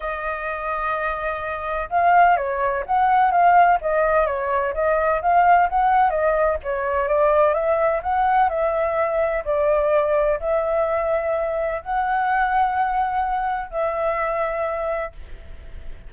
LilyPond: \new Staff \with { instrumentName = "flute" } { \time 4/4 \tempo 4 = 127 dis''1 | f''4 cis''4 fis''4 f''4 | dis''4 cis''4 dis''4 f''4 | fis''4 dis''4 cis''4 d''4 |
e''4 fis''4 e''2 | d''2 e''2~ | e''4 fis''2.~ | fis''4 e''2. | }